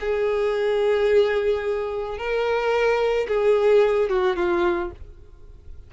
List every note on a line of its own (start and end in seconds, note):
0.00 2.18 G#4
2.18 3.27 A#4
3.28 4.09 G#4
4.09 4.36 F#4
4.36 4.91 F4